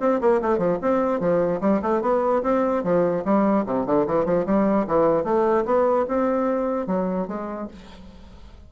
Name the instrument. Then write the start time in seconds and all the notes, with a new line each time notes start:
bassoon
0.00 C4
0.21 A#3
0.41 A3
0.58 F3
0.81 C4
1.20 F3
1.61 G3
1.82 A3
2.02 B3
2.43 C4
2.83 F3
3.25 G3
3.66 C3
3.86 D3
4.07 E3
4.25 F3
4.46 G3
4.87 E3
5.24 A3
5.65 B3
6.08 C4
6.87 F#3
7.27 G#3